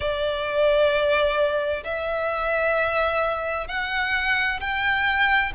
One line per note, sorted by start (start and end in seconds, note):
0.00 1.83 D5
1.84 3.67 E5
3.67 4.59 F#5
4.60 5.52 G5